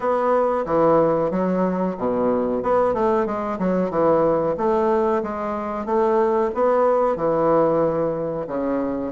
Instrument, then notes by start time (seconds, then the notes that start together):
bassoon
0.00 B3
0.65 E3
1.30 F#3
1.97 B2
2.62 B3
2.93 A3
3.25 G#3
3.58 F#3
3.90 E3
4.57 A3
5.22 G#3
5.85 A3
6.54 B3
7.16 E3
8.47 C#3